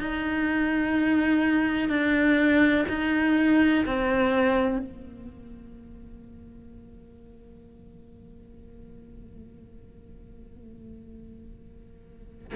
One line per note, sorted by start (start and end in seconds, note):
0.00 1.90 D#4
1.90 2.86 D4
2.89 3.86 D#4
3.86 4.79 C4
4.79 12.54 A#3